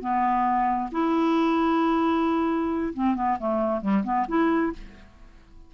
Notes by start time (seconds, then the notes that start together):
0.00 B3
0.91 E4
2.93 C4
3.15 B3
3.39 A3
3.81 G3
4.04 B3
4.28 E4